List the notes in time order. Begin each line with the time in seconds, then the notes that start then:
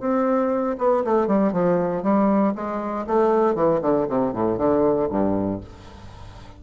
0.00 C4
0.78 B3
1.04 A3
1.27 G3
1.52 F3
2.03 G3
2.55 G#3
3.07 A3
3.55 E3
3.82 D3
4.09 C3
4.33 A2
4.58 D3
5.10 G2